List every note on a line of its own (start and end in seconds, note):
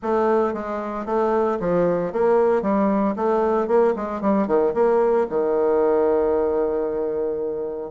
0.02 0.53 A3
0.53 1.05 G#3
1.05 1.58 A3
1.60 2.12 F3
2.12 2.62 A#3
2.62 3.14 G3
3.16 3.67 A3
3.67 3.93 A#3
3.96 4.21 G#3
4.21 4.47 G3
4.47 4.73 D#3
4.74 5.26 A#3
5.29 7.91 D#3